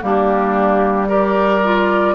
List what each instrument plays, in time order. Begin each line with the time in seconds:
0.00 bassoon G3, clarinet A#3, oboe D4, flute G4
1.08 clarinet G4, oboe A#4, flute D5
1.64 clarinet F4